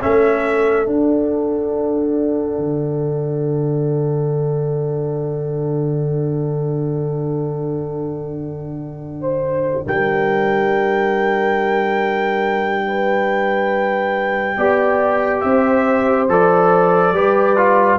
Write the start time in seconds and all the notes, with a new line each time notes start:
0.00 A3 C#4 A4 E5
0.85 D4 F#5
2.58 D3
9.21 C5
9.87 G3 A#4 G5
12.87 B4
14.57 B3 G4 D5
15.41 C4 C5 E5
16.29 F3 A4 D5
17.12 G3 G4 B4
17.57 F4